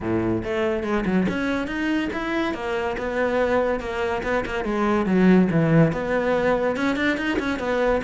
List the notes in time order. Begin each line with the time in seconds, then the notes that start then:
0.00 A2
0.44 A3
0.83 G#3
1.05 F#3
1.28 C#4
1.67 D#4
2.12 E4
2.54 A#3
2.97 B3
3.80 A#3
4.23 B3
4.45 A#3
4.64 G#3
5.06 F#3
5.51 E3
5.92 B3
6.76 C#4
6.96 D4
7.17 D#4
7.39 C#4
7.59 B3